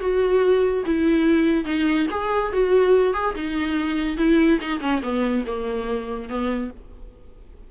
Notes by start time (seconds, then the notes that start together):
0.00 F#4
0.86 E4
1.65 D#4
2.11 G#4
2.52 F#4
3.14 G#4
3.35 D#4
4.17 E4
4.61 D#4
4.80 C#4
5.03 B3
5.46 A#3
6.29 B3